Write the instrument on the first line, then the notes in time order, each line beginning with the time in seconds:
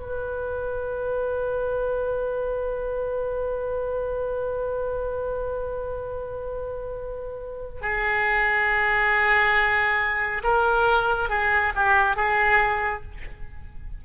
oboe
0.00 B4
7.82 G#4
10.43 A#4
11.30 G#4
11.75 G4
12.17 G#4